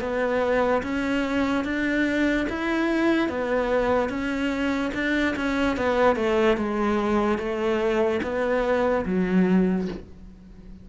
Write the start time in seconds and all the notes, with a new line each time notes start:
0.00 B3
0.83 C#4
1.64 D4
2.49 E4
3.28 B3
4.09 C#4
4.94 D4
5.36 C#4
5.76 B3
6.16 A3
6.57 G#3
7.38 A3
8.22 B3
9.06 F#3